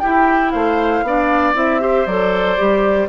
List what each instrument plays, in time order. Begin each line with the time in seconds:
0.00 clarinet E4, bassoon E4, oboe G4, flute G5
0.51 bassoon A3, oboe C5, flute F5
1.03 bassoon B3, clarinet D4, oboe D5
1.55 bassoon C4, clarinet E4, flute E5
1.81 clarinet G4, oboe C5
2.07 bassoon F#3, clarinet A4, flute D5
2.58 bassoon G3, clarinet G4